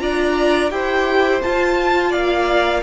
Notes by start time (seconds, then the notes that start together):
0.00 D4 F4 D5 A#5
0.70 E4 G4 C5 G5
1.42 F4 A5
2.10 A#3 D5 F5